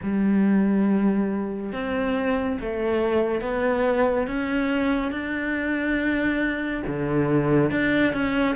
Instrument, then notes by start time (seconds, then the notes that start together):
cello
0.02 G3
1.72 C4
2.60 A3
3.41 B3
4.27 C#4
5.11 D4
6.86 D3
7.70 D4
8.13 C#4